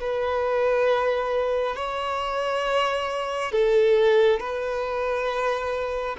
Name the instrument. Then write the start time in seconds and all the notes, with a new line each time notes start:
violin
0.00 B4
1.76 C#5
3.51 A4
4.40 B4